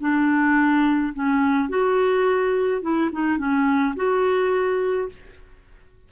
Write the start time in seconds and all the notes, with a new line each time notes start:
0.00 D4
1.14 C#4
1.69 F#4
2.81 E4
3.12 D#4
3.38 C#4
3.95 F#4